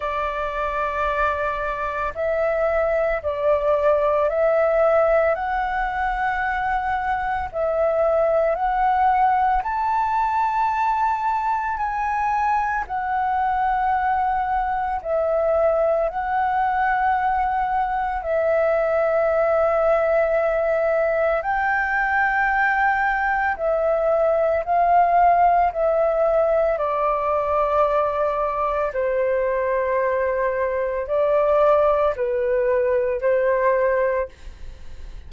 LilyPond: \new Staff \with { instrumentName = "flute" } { \time 4/4 \tempo 4 = 56 d''2 e''4 d''4 | e''4 fis''2 e''4 | fis''4 a''2 gis''4 | fis''2 e''4 fis''4~ |
fis''4 e''2. | g''2 e''4 f''4 | e''4 d''2 c''4~ | c''4 d''4 b'4 c''4 | }